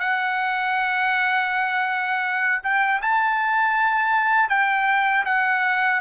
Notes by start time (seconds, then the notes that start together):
0.00 F#5
2.64 G5
3.02 A5
4.50 G5
5.26 F#5